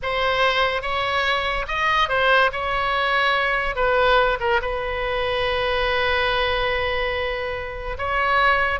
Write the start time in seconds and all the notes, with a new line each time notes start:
0.02 C5
0.82 C#5
1.67 D#5
2.08 C5
2.52 C#5
3.75 B4
4.39 A#4
4.61 B4
7.98 C#5